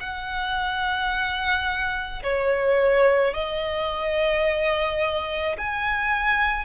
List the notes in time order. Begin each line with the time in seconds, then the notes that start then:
0.00 F#5
2.23 C#5
3.34 D#5
5.58 G#5